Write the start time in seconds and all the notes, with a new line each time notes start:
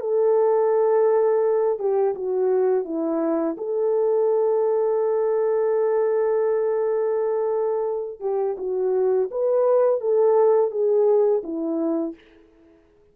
0.00 A4
1.79 G4
2.15 F#4
2.84 E4
3.57 A4
8.20 G4
8.58 F#4
9.31 B4
10.00 A4
10.71 G#4
11.43 E4